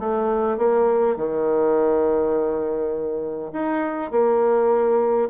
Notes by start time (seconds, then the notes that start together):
0.00 A3
0.58 A#3
1.17 D#3
3.53 D#4
4.12 A#3